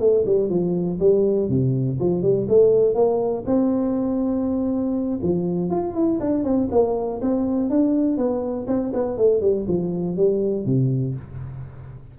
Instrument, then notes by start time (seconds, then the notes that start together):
tuba
0.00 A3
0.26 G3
0.49 F3
1.00 G3
1.49 C3
2.00 F3
2.22 G3
2.48 A3
2.95 A#3
3.46 C4
5.22 F3
5.70 F4
5.94 E4
6.20 D4
6.44 C4
6.71 A#3
7.21 C4
7.70 D4
8.17 B3
8.67 C4
8.93 B3
9.17 A3
9.41 G3
9.68 F3
10.17 G3
10.65 C3